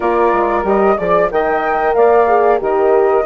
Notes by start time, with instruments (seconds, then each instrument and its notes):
0.00 bassoon A#3, horn F4, saxophone A#4, flute D5
0.32 bassoon G#3
0.63 bassoon G3, horn G4, flute D#5
0.97 bassoon F3, horn G#4, flute D5, saxophone D5
1.31 bassoon D#3, horn A#4, saxophone D#5, flute G5
1.94 bassoon A#3, saxophone D5, flute F5
2.27 horn G#4
2.59 bassoon D#3, horn G4, saxophone A#4, flute D#5